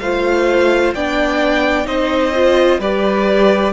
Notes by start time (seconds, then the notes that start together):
0.00 A3 F4 C5 F5
0.95 B3 D4 D5 G5
1.85 C4 D#4 C5 D#5
2.35 F4
2.79 G3 G4 B4 D5